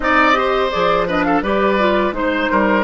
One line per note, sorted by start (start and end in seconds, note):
0.00 0.71 C4
0.00 0.33 D#4
0.00 0.37 D5
0.00 0.70 D#5
0.33 0.69 G4
0.33 1.07 C5
0.70 1.42 F3
0.70 1.07 G#4
0.70 1.06 D5
1.07 1.43 D4
1.07 1.25 B4
1.07 1.23 D#5
1.23 1.42 A4
1.23 1.41 F5
1.42 2.11 G3
1.42 1.79 G4
1.42 2.14 B4
1.42 2.13 D5
1.79 2.12 F4
2.11 2.47 G#3
2.11 2.84 D#4
2.11 2.84 C5
2.17 2.51 C5
2.51 2.84 G3
2.51 2.84 A#4